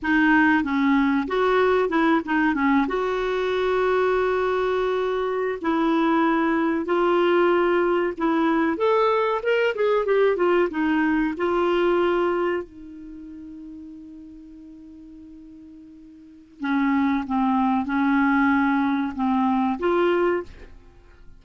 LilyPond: \new Staff \with { instrumentName = "clarinet" } { \time 4/4 \tempo 4 = 94 dis'4 cis'4 fis'4 e'8 dis'8 | cis'8 fis'2.~ fis'8~ | fis'8. e'2 f'4~ f'16~ | f'8. e'4 a'4 ais'8 gis'8 g'16~ |
g'16 f'8 dis'4 f'2 dis'16~ | dis'1~ | dis'2 cis'4 c'4 | cis'2 c'4 f'4 | }